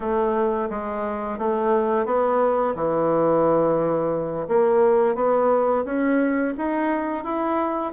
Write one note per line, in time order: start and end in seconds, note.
0.00 0.69 A3
0.70 1.38 G#3
1.38 2.05 A3
2.05 2.74 B3
2.75 4.47 E3
4.47 5.15 A#3
5.15 5.84 B3
5.84 6.53 C#4
6.57 7.24 D#4
7.24 7.92 E4